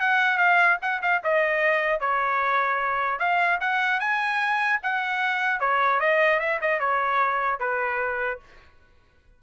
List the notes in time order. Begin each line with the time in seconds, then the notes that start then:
0.00 F#5
0.37 F5
0.81 F#5
1.02 F5
1.24 D#5
2.00 C#5
3.19 F5
3.60 F#5
4.00 G#5
4.83 F#5
5.60 C#5
6.00 D#5
6.40 E5
6.61 D#5
6.79 C#5
7.59 B4